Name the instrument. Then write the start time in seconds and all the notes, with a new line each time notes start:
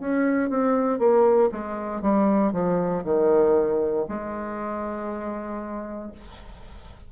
bassoon
0.00 C#4
0.50 C4
0.99 A#3
1.52 G#3
2.02 G3
2.53 F3
3.04 D#3
4.08 G#3